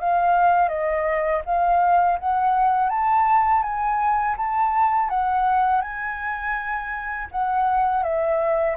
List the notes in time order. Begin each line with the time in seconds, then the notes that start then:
0.00 F5
0.69 D#5
1.46 F5
2.20 F#5
2.90 A5
3.63 G#5
4.37 A5
5.10 F#5
5.82 G#5
7.32 F#5
8.03 E5